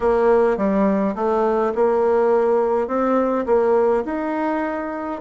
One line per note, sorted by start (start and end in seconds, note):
0.00 0.57 A#3
0.57 1.14 G3
1.15 1.72 A3
1.75 2.87 A#3
2.87 3.45 C4
3.45 4.03 A#3
4.05 5.20 D#4